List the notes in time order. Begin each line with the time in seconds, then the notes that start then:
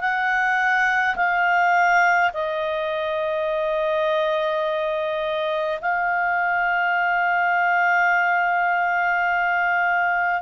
0.00 F#5
1.16 F5
2.33 D#5
5.81 F5